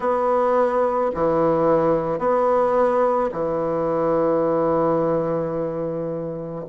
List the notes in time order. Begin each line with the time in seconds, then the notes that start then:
0.00 B3
1.14 E3
2.19 B3
3.31 E3